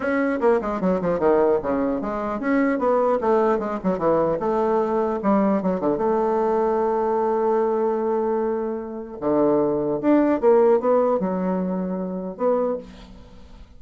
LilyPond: \new Staff \with { instrumentName = "bassoon" } { \time 4/4 \tempo 4 = 150 cis'4 ais8 gis8 fis8 f8 dis4 | cis4 gis4 cis'4 b4 | a4 gis8 fis8 e4 a4~ | a4 g4 fis8 d8 a4~ |
a1~ | a2. d4~ | d4 d'4 ais4 b4 | fis2. b4 | }